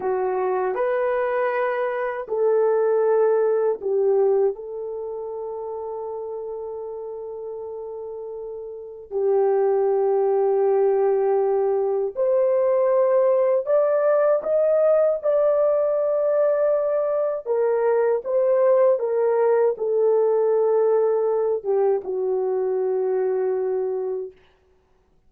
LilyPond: \new Staff \with { instrumentName = "horn" } { \time 4/4 \tempo 4 = 79 fis'4 b'2 a'4~ | a'4 g'4 a'2~ | a'1 | g'1 |
c''2 d''4 dis''4 | d''2. ais'4 | c''4 ais'4 a'2~ | a'8 g'8 fis'2. | }